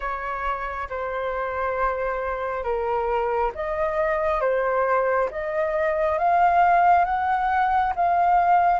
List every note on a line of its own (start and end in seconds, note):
0.00 0.88 C#5
0.89 2.63 C5
2.63 3.51 A#4
3.54 4.40 D#5
4.40 5.29 C5
5.30 6.18 D#5
6.18 7.05 F5
7.05 7.93 F#5
7.95 8.80 F5